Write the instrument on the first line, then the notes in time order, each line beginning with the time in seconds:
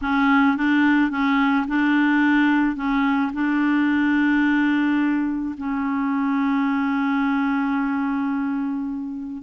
clarinet
0.01 C#4
0.57 D4
1.10 C#4
1.67 D4
2.76 C#4
3.33 D4
5.57 C#4